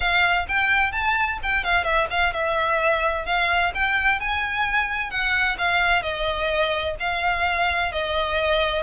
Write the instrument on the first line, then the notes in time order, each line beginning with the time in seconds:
violin
0.00 F5
0.48 G5
0.92 A5
1.42 G5
1.64 F5
1.84 E5
2.10 F5
2.33 E5
3.25 F5
3.74 G5
4.20 G#5
5.10 F#5
5.58 F5
6.02 D#5
6.99 F5
7.92 D#5